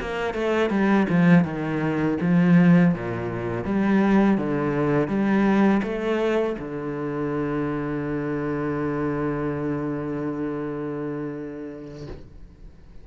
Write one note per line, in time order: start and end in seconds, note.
0.00 0.34 A#3
0.34 0.70 A3
0.70 1.06 G3
1.09 1.44 F3
1.44 2.18 D#3
2.21 2.94 F3
2.94 3.64 A#2
3.64 4.37 G3
4.37 5.08 D3
5.08 5.81 G3
5.83 6.56 A3
6.59 12.07 D3